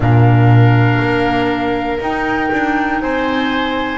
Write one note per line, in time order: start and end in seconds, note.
0.00 0.99 A#2
0.00 2.00 D4
0.00 3.02 A#4
0.00 1.99 F5
0.99 1.99 A#3
2.00 2.50 D#4
2.00 3.98 D#4
2.00 3.00 G5
2.51 3.01 D4
3.00 3.98 C4
3.00 3.98 C5
3.00 3.98 G#5